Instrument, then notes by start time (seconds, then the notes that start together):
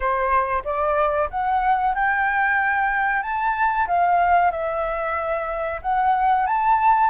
flute
0.00 C5
0.64 D5
1.30 F#5
1.94 G5
3.22 A5
3.87 F5
4.51 E5
5.82 F#5
6.46 A5